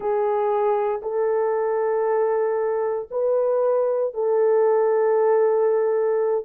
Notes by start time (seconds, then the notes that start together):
0.00 G#4
1.02 A4
3.10 B4
4.14 A4